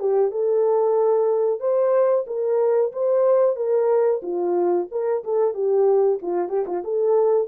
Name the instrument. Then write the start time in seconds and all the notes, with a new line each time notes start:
horn
0.00 G4
0.32 A4
1.61 C5
2.27 A#4
2.93 C5
3.56 A#4
4.23 F4
4.92 A#4
5.25 A4
5.55 G4
6.23 F4
6.50 G4
6.67 F4
6.84 A4